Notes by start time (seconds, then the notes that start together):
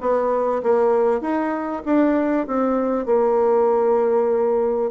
0.00 B3
0.63 A#3
1.21 D#4
1.85 D4
2.47 C4
3.06 A#3